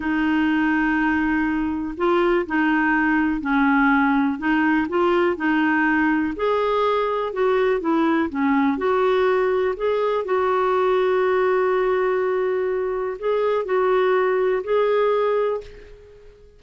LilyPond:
\new Staff \with { instrumentName = "clarinet" } { \time 4/4 \tempo 4 = 123 dis'1 | f'4 dis'2 cis'4~ | cis'4 dis'4 f'4 dis'4~ | dis'4 gis'2 fis'4 |
e'4 cis'4 fis'2 | gis'4 fis'2.~ | fis'2. gis'4 | fis'2 gis'2 | }